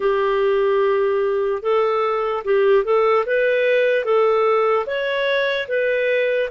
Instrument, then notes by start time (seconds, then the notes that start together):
clarinet
0.00 G4
1.62 A4
2.44 G4
2.84 A4
3.25 B4
4.04 A4
4.86 C#5
5.68 B4